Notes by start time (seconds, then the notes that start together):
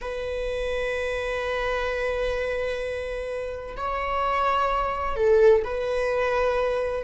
0.01 B4
3.76 C#5
5.16 A4
5.64 B4